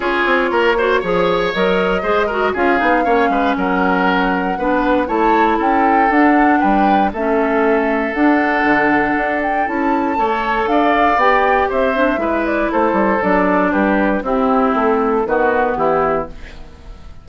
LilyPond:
<<
  \new Staff \with { instrumentName = "flute" } { \time 4/4 \tempo 4 = 118 cis''2. dis''4~ | dis''4 f''2 fis''4~ | fis''2 a''4 g''4 | fis''4 g''4 e''2 |
fis''2~ fis''8 g''8 a''4~ | a''4 f''4 g''4 e''4~ | e''8 d''8 c''4 d''4 b'4 | g'4 a'4 b'4 g'4 | }
  \new Staff \with { instrumentName = "oboe" } { \time 4/4 gis'4 ais'8 c''8 cis''2 | c''8 ais'8 gis'4 cis''8 b'8 ais'4~ | ais'4 b'4 cis''4 a'4~ | a'4 b'4 a'2~ |
a'1 | cis''4 d''2 c''4 | b'4 a'2 g'4 | e'2 fis'4 e'4 | }
  \new Staff \with { instrumentName = "clarinet" } { \time 4/4 f'4. fis'8 gis'4 ais'4 | gis'8 fis'8 f'8 dis'8 cis'2~ | cis'4 d'4 e'2 | d'2 cis'2 |
d'2. e'4 | a'2 g'4. d'8 | e'2 d'2 | c'2 b2 | }
  \new Staff \with { instrumentName = "bassoon" } { \time 4/4 cis'8 c'8 ais4 f4 fis4 | gis4 cis'8 b8 ais8 gis8 fis4~ | fis4 b4 a4 cis'4 | d'4 g4 a2 |
d'4 d4 d'4 cis'4 | a4 d'4 b4 c'4 | gis4 a8 g8 fis4 g4 | c'4 a4 dis4 e4 | }
>>